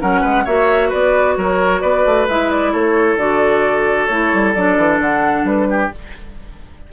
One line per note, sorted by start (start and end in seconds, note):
0.00 0.23 F#3
0.00 0.45 C#4
0.00 0.20 A#4
0.00 0.45 F#5
0.20 0.46 G#3
0.20 0.43 B4
0.44 0.91 A#3
0.44 2.28 F#4
0.44 0.88 C#5
0.44 0.91 E5
0.88 1.37 B3
0.88 1.34 B4
0.88 1.37 D5
1.37 1.82 F#3
1.37 1.81 A#4
1.37 1.80 C#5
1.80 2.05 B3
1.80 2.72 B4
1.80 2.26 D5
2.05 2.28 A3
2.28 2.73 G#3
2.28 3.18 E4
2.28 2.50 E5
2.50 2.72 D5
2.72 3.16 A3
2.72 5.68 A4
2.72 3.17 C#5
3.16 4.07 D3
3.16 4.09 F#4
3.16 4.06 D5
4.06 4.31 A3
4.06 4.55 E4
4.06 4.52 C#5
4.33 4.55 G3
4.53 4.77 F#3
4.53 5.91 D4
4.53 4.98 D5
4.77 4.98 E3
4.98 5.44 D3
4.98 5.46 F#5
5.44 5.89 G3
5.44 5.91 B4
5.69 5.92 G4